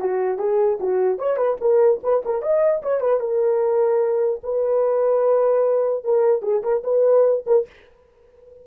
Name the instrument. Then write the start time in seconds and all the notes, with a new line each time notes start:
horn
0.00 F#4
0.39 G#4
0.80 F#4
1.19 C#5
1.37 B4
1.61 A#4
2.03 B4
2.26 A#4
2.42 D#5
2.83 C#5
3.01 B4
3.20 A#4
4.43 B4
6.04 A#4
6.42 G#4
6.63 A#4
6.84 B4
7.47 A#4